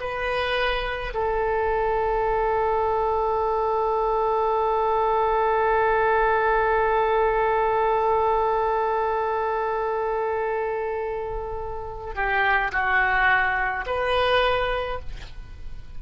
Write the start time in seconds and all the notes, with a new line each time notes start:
0.00 B4
1.14 A4
12.15 G4
12.72 F#4
13.86 B4